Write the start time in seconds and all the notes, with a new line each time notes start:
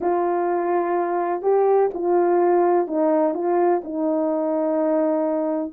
0.00 F4
1.42 G4
1.94 F4
2.87 D#4
3.34 F4
3.84 D#4